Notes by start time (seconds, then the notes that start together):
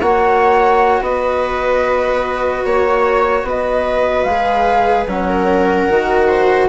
0.00 A#3 F#4 C#5 F#5
1.01 B3 B4 D#5
2.65 A#3 C#5
3.44 B3 B4 D#5
4.24 G#3 G#4 F5
5.07 F#3 C#4 F#5
5.29 A#4
5.90 D#3 F#4
6.28 C5